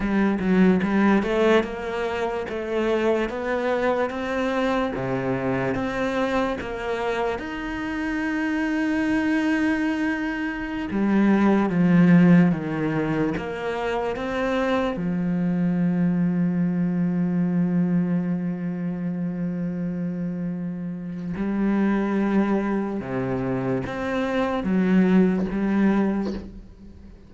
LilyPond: \new Staff \with { instrumentName = "cello" } { \time 4/4 \tempo 4 = 73 g8 fis8 g8 a8 ais4 a4 | b4 c'4 c4 c'4 | ais4 dis'2.~ | dis'4~ dis'16 g4 f4 dis8.~ |
dis16 ais4 c'4 f4.~ f16~ | f1~ | f2 g2 | c4 c'4 fis4 g4 | }